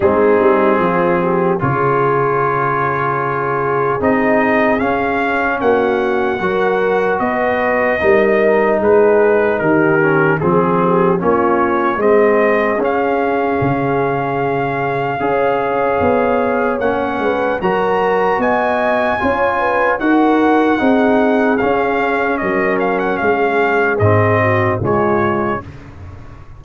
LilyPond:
<<
  \new Staff \with { instrumentName = "trumpet" } { \time 4/4 \tempo 4 = 75 gis'2 cis''2~ | cis''4 dis''4 f''4 fis''4~ | fis''4 dis''2 b'4 | ais'4 gis'4 cis''4 dis''4 |
f''1~ | f''4 fis''4 ais''4 gis''4~ | gis''4 fis''2 f''4 | dis''8 f''16 fis''16 f''4 dis''4 cis''4 | }
  \new Staff \with { instrumentName = "horn" } { \time 4/4 dis'4 f'8 g'8 gis'2~ | gis'2. fis'4 | ais'4 b'4 ais'4 gis'4 | g'4 gis'8 g'8 f'4 gis'4~ |
gis'2. cis''4~ | cis''4. b'8 ais'4 dis''4 | cis''8 b'8 ais'4 gis'2 | ais'4 gis'4. fis'8 f'4 | }
  \new Staff \with { instrumentName = "trombone" } { \time 4/4 c'2 f'2~ | f'4 dis'4 cis'2 | fis'2 dis'2~ | dis'8 cis'8 c'4 cis'4 c'4 |
cis'2. gis'4~ | gis'4 cis'4 fis'2 | f'4 fis'4 dis'4 cis'4~ | cis'2 c'4 gis4 | }
  \new Staff \with { instrumentName = "tuba" } { \time 4/4 gis8 g8 f4 cis2~ | cis4 c'4 cis'4 ais4 | fis4 b4 g4 gis4 | dis4 f4 ais4 gis4 |
cis'4 cis2 cis'4 | b4 ais8 gis8 fis4 b4 | cis'4 dis'4 c'4 cis'4 | fis4 gis4 gis,4 cis4 | }
>>